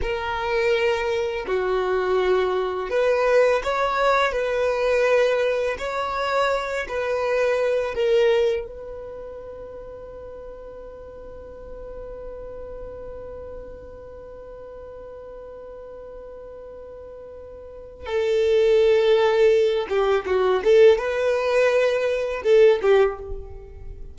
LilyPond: \new Staff \with { instrumentName = "violin" } { \time 4/4 \tempo 4 = 83 ais'2 fis'2 | b'4 cis''4 b'2 | cis''4. b'4. ais'4 | b'1~ |
b'1~ | b'1~ | b'4 a'2~ a'8 g'8 | fis'8 a'8 b'2 a'8 g'8 | }